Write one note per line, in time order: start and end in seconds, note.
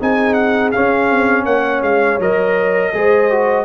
0.00 0.74 C4
0.00 0.73 D#4
0.00 1.45 G#4
0.00 0.34 G#5
0.34 0.70 F#5
0.72 2.20 C#4
0.72 1.10 C#4
0.72 1.45 F5
1.10 1.45 C4
1.45 1.82 A#3
1.45 2.91 C#5
1.45 1.82 F#5
1.82 2.19 G#3
1.82 2.19 F5
2.20 2.93 F#3
2.20 2.93 A#4
2.20 3.65 D#5
2.94 3.65 G#3
2.94 3.30 G#4
2.94 3.65 C5
3.30 3.65 F#4